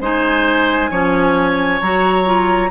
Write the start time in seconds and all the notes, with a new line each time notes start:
0.00 G#3 D#4 C5 G#5
0.90 F3 C#4 C#5
1.81 F#3 F#4 A#5
2.25 F4